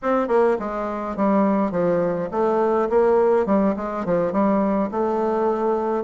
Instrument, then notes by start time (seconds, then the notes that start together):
bassoon
0.02 C4
0.28 A#3
0.59 G#3
1.16 G3
1.71 F3
2.31 A3
2.89 A#3
3.46 G3
3.76 G#3
4.05 F3
4.32 G3
4.91 A3